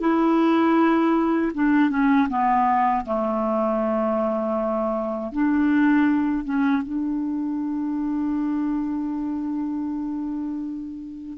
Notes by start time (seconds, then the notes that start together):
0.00 E4
1.54 D4
1.90 C#4
2.29 B3
3.05 A3
5.32 D4
6.45 C#4
6.83 D4